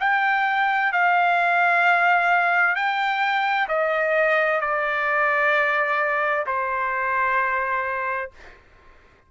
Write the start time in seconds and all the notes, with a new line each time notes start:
0.00 G5
0.92 F5
2.76 G5
3.68 D#5
4.61 D5
6.46 C5